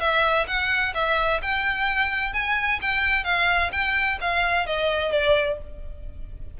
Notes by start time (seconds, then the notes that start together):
0.00 E5
0.47 F#5
0.95 E5
1.42 G5
2.33 G#5
2.82 G5
3.24 F5
3.72 G5
4.21 F5
4.66 D#5
5.11 D5